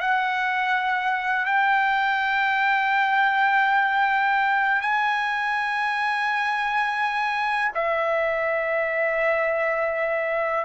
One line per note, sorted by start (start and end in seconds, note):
0.00 1.45 F#5
1.45 4.81 G5
4.81 7.72 G#5
7.74 10.65 E5